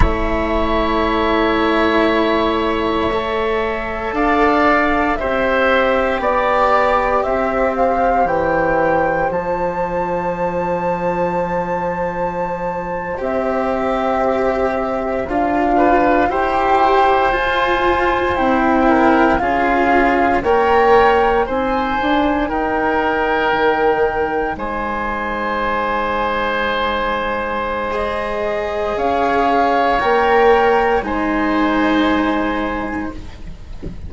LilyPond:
<<
  \new Staff \with { instrumentName = "flute" } { \time 4/4 \tempo 4 = 58 e''1 | f''4 e''4 d''4 e''8 f''8 | g''4 a''2.~ | a''8. e''2 f''4 g''16~ |
g''8. gis''4 g''4 f''4 g''16~ | g''8. gis''4 g''2 gis''16~ | gis''2. dis''4 | f''4 g''4 gis''2 | }
  \new Staff \with { instrumentName = "oboe" } { \time 4/4 cis''1 | d''4 c''4 d''4 c''4~ | c''1~ | c''2.~ c''16 b'8 c''16~ |
c''2~ c''16 ais'8 gis'4 cis''16~ | cis''8. c''4 ais'2 c''16~ | c''1 | cis''2 c''2 | }
  \new Staff \with { instrumentName = "cello" } { \time 4/4 e'2. a'4~ | a'4 g'2.~ | g'4 f'2.~ | f'8. g'2 f'4 g'16~ |
g'8. f'4 e'4 f'4 ais'16~ | ais'8. dis'2.~ dis'16~ | dis'2. gis'4~ | gis'4 ais'4 dis'2 | }
  \new Staff \with { instrumentName = "bassoon" } { \time 4/4 a1 | d'4 c'4 b4 c'4 | e4 f2.~ | f8. c'2 d'4 e'16~ |
e'8. f'4 c'4 cis'4 ais16~ | ais8. c'8 d'8 dis'4 dis4 gis16~ | gis1 | cis'4 ais4 gis2 | }
>>